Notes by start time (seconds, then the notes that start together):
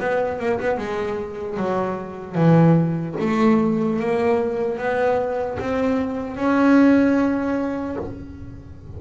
0.00 B3
0.39 A#3
0.60 B3
0.77 G#3
1.57 F#3
2.35 E3
3.20 A3
3.99 A#3
4.78 B3
5.59 C4
6.36 C#4